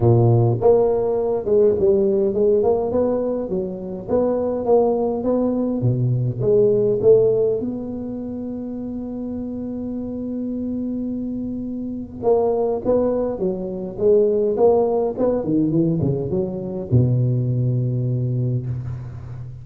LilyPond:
\new Staff \with { instrumentName = "tuba" } { \time 4/4 \tempo 4 = 103 ais,4 ais4. gis8 g4 | gis8 ais8 b4 fis4 b4 | ais4 b4 b,4 gis4 | a4 b2.~ |
b1~ | b4 ais4 b4 fis4 | gis4 ais4 b8 dis8 e8 cis8 | fis4 b,2. | }